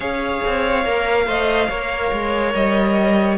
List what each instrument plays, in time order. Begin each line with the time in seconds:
0.00 cello C#4, viola G#4, violin C#5 F5
0.46 cello C4
0.85 cello A#3, viola A#4
1.26 cello A3, viola C5, violin D#5
1.69 cello A#3, viola A#4, violin C#5
2.11 cello G#3
2.54 cello G3, violin D#5